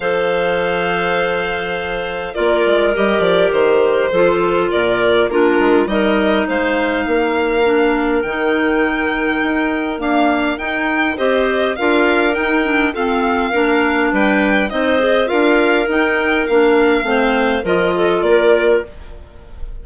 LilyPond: <<
  \new Staff \with { instrumentName = "violin" } { \time 4/4 \tempo 4 = 102 f''1 | d''4 dis''8 d''8 c''2 | d''4 ais'4 dis''4 f''4~ | f''2 g''2~ |
g''4 f''4 g''4 dis''4 | f''4 g''4 f''2 | g''4 dis''4 f''4 g''4 | f''2 dis''4 d''4 | }
  \new Staff \with { instrumentName = "clarinet" } { \time 4/4 c''1 | ais'2. a'4 | ais'4 f'4 ais'4 c''4 | ais'1~ |
ais'2. c''4 | ais'2 a'4 ais'4 | b'4 c''4 ais'2~ | ais'4 c''4 ais'8 a'8 ais'4 | }
  \new Staff \with { instrumentName = "clarinet" } { \time 4/4 a'1 | f'4 g'2 f'4~ | f'4 d'4 dis'2~ | dis'4 d'4 dis'2~ |
dis'4 ais4 dis'4 g'4 | f'4 dis'8 d'8 c'4 d'4~ | d'4 dis'8 gis'8 f'4 dis'4 | d'4 c'4 f'2 | }
  \new Staff \with { instrumentName = "bassoon" } { \time 4/4 f1 | ais8 gis8 g8 f8 dis4 f4 | ais,4 ais8 gis8 g4 gis4 | ais2 dis2 |
dis'4 d'4 dis'4 c'4 | d'4 dis'4 f'4 ais4 | g4 c'4 d'4 dis'4 | ais4 a4 f4 ais4 | }
>>